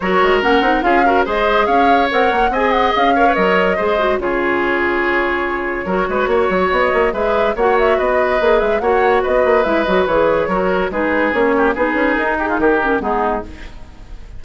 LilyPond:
<<
  \new Staff \with { instrumentName = "flute" } { \time 4/4 \tempo 4 = 143 cis''4 fis''4 f''4 dis''4 | f''4 fis''4 gis''8 fis''8 f''4 | dis''2 cis''2~ | cis''1 |
dis''4 e''4 fis''8 e''8 dis''4~ | dis''8 e''8 fis''4 dis''4 e''8 dis''8 | cis''2 b'4 cis''4 | b'4 ais'8 gis'8 ais'4 gis'4 | }
  \new Staff \with { instrumentName = "oboe" } { \time 4/4 ais'2 gis'8 ais'8 c''4 | cis''2 dis''4. cis''8~ | cis''4 c''4 gis'2~ | gis'2 ais'8 b'8 cis''4~ |
cis''4 b'4 cis''4 b'4~ | b'4 cis''4 b'2~ | b'4 ais'4 gis'4. g'8 | gis'4. g'16 f'16 g'4 dis'4 | }
  \new Staff \with { instrumentName = "clarinet" } { \time 4/4 fis'4 cis'8 dis'8 f'8 fis'8 gis'4~ | gis'4 ais'4 gis'4. ais'16 b'16 | ais'4 gis'8 fis'8 f'2~ | f'2 fis'2~ |
fis'4 gis'4 fis'2 | gis'4 fis'2 e'8 fis'8 | gis'4 fis'4 dis'4 cis'4 | dis'2~ dis'8 cis'8 b4 | }
  \new Staff \with { instrumentName = "bassoon" } { \time 4/4 fis8 gis8 ais8 c'8 cis'4 gis4 | cis'4 c'8 ais8 c'4 cis'4 | fis4 gis4 cis2~ | cis2 fis8 gis8 ais8 fis8 |
b8 ais8 gis4 ais4 b4 | ais8 gis8 ais4 b8 ais8 gis8 fis8 | e4 fis4 gis4 ais4 | b8 cis'8 dis'4 dis4 gis4 | }
>>